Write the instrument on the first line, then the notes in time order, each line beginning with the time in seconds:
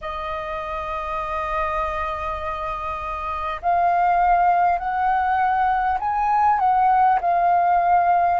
flute
0.01 D#5
3.62 F5
4.78 F#5
5.99 G#5
6.59 F#5
7.21 F5